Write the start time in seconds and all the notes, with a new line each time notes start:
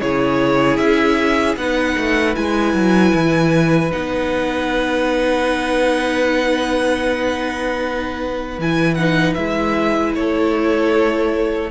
0.00 C#3 E4 G#4 C#5
0.76 C#4 E5
1.56 B3 D#4 B4 F#5
1.97 A3
2.35 G#3 E4 G#5
2.73 F#3
3.13 E3
3.90 B3 D#4 F#5
8.58 E3 E4 G#5
8.94 D#4 F#5
9.34 G#3 E4 E5
10.15 A3 A4 C#5